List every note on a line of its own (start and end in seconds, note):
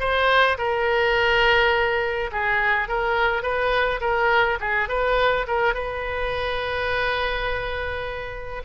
0.00 0.58 C5
0.58 2.31 A#4
2.32 2.88 G#4
2.88 3.43 A#4
3.43 4.00 B4
4.01 4.58 A#4
4.60 4.89 G#4
4.89 5.46 B4
5.47 5.74 A#4
5.74 8.63 B4